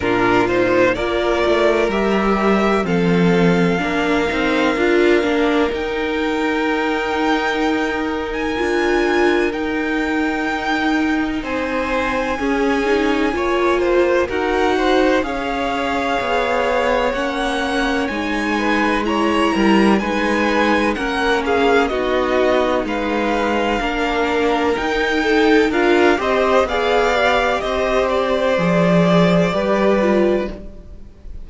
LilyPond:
<<
  \new Staff \with { instrumentName = "violin" } { \time 4/4 \tempo 4 = 63 ais'8 c''8 d''4 e''4 f''4~ | f''2 g''2~ | g''8. gis''4~ gis''16 g''2 | gis''2. fis''4 |
f''2 fis''4 gis''4 | ais''4 gis''4 fis''8 f''8 dis''4 | f''2 g''4 f''8 dis''8 | f''4 dis''8 d''2~ d''8 | }
  \new Staff \with { instrumentName = "violin" } { \time 4/4 f'4 ais'2 a'4 | ais'1~ | ais'1 | c''4 gis'4 cis''8 c''8 ais'8 c''8 |
cis''2.~ cis''8 b'8 | cis''8 ais'8 b'4 ais'8 gis'8 fis'4 | b'4 ais'4. a'8 ais'8 c''8 | d''4 c''2 b'4 | }
  \new Staff \with { instrumentName = "viola" } { \time 4/4 d'8 dis'8 f'4 g'4 c'4 | d'8 dis'8 f'8 d'8 dis'2~ | dis'4 f'4 dis'2~ | dis'4 cis'8 dis'8 f'4 fis'4 |
gis'2 cis'4 dis'4 | e'4 dis'4 cis'4 dis'4~ | dis'4 d'4 dis'4 f'8 g'8 | gis'8 g'4. gis'4 g'8 f'8 | }
  \new Staff \with { instrumentName = "cello" } { \time 4/4 ais,4 ais8 a8 g4 f4 | ais8 c'8 d'8 ais8 dis'2~ | dis'4 d'4 dis'2 | c'4 cis'4 ais4 dis'4 |
cis'4 b4 ais4 gis4~ | gis8 g8 gis4 ais4 b4 | gis4 ais4 dis'4 d'8 c'8 | b4 c'4 f4 g4 | }
>>